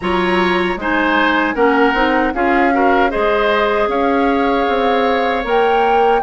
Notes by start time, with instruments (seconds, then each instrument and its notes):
0.00 bassoon F#3, clarinet F4, oboe C#5, flute A#5
0.76 bassoon G#3, clarinet D#4, oboe C5, flute G#5
1.54 bassoon A#3, clarinet C#4, oboe A#4, flute F#5
1.94 bassoon C4, clarinet D#4
2.34 bassoon C#4, clarinet F4, oboe G#4, flute F5
2.72 clarinet F#4, oboe A#4
3.09 bassoon G#3, clarinet G#4, oboe C5, flute D#5
3.87 bassoon C#4, oboe C#5, flute F5
4.68 bassoon C4
5.43 bassoon A#3, clarinet A#4, flute G5